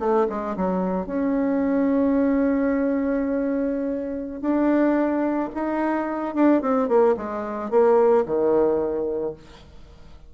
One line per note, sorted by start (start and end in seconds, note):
0.00 0.27 A3
0.29 0.57 G#3
0.57 1.07 F#3
1.07 4.42 C#4
4.42 5.50 D4
5.55 6.35 D#4
6.35 6.62 D4
6.62 6.88 C4
6.88 7.15 A#3
7.17 7.71 G#3
7.71 8.25 A#3
8.26 9.34 D#3